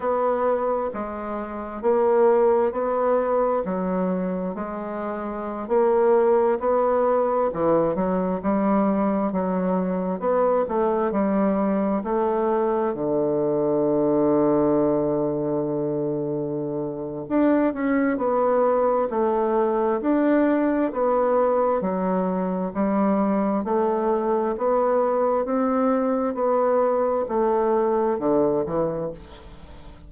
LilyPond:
\new Staff \with { instrumentName = "bassoon" } { \time 4/4 \tempo 4 = 66 b4 gis4 ais4 b4 | fis4 gis4~ gis16 ais4 b8.~ | b16 e8 fis8 g4 fis4 b8 a16~ | a16 g4 a4 d4.~ d16~ |
d2. d'8 cis'8 | b4 a4 d'4 b4 | fis4 g4 a4 b4 | c'4 b4 a4 d8 e8 | }